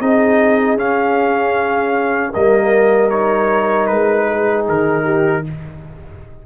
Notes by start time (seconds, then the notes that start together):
0.00 C4 D#4 G#4 D#5
0.76 C#4 F5
2.32 G3 A#3 A#4 D#5
3.10 D#4 C#5
3.86 G#3 B4
4.28 G#4
4.68 D#3 A#4
5.04 G4